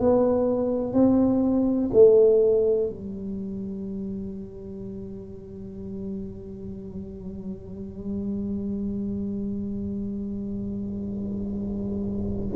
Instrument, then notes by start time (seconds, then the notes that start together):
tuba
0.00 B3
0.93 C4
1.94 A3
2.90 G3